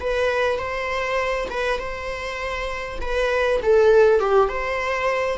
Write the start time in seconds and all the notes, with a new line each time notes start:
0.00 B4
0.59 C5
1.50 B4
1.79 C5
3.01 B4
3.62 A4
4.20 G4
4.49 C5